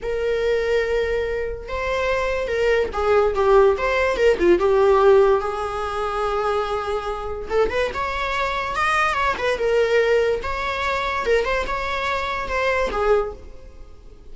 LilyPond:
\new Staff \with { instrumentName = "viola" } { \time 4/4 \tempo 4 = 144 ais'1 | c''2 ais'4 gis'4 | g'4 c''4 ais'8 f'8 g'4~ | g'4 gis'2.~ |
gis'2 a'8 b'8 cis''4~ | cis''4 dis''4 cis''8 b'8 ais'4~ | ais'4 cis''2 ais'8 c''8 | cis''2 c''4 gis'4 | }